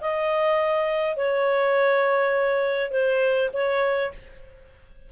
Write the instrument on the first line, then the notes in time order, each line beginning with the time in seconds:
clarinet
0.00 D#5
1.16 C#5
2.91 C5
3.53 C#5